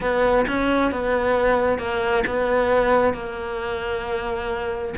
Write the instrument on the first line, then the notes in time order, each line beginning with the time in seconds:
cello
0.00 B3
0.47 C#4
0.91 B3
1.78 A#3
2.27 B3
3.13 A#3